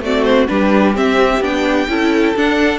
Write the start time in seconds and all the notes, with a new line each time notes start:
0.00 A3 C4 F#4 D5
0.24 C5
0.48 G3 D4 G4 B4
0.95 C4 E5
1.41 B3 D4 G5
1.88 C#4 E4 A4
2.36 D4 F#5